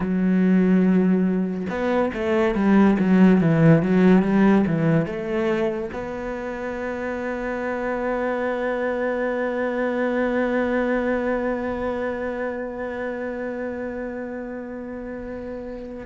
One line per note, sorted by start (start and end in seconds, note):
0.00 1.66 F#3
1.69 2.11 B3
2.13 2.54 A3
2.54 2.97 G3
2.99 3.40 F#3
3.40 3.82 E3
3.82 4.22 F#3
4.22 4.64 G3
4.66 5.06 E3
5.06 5.90 A3
5.92 16.06 B3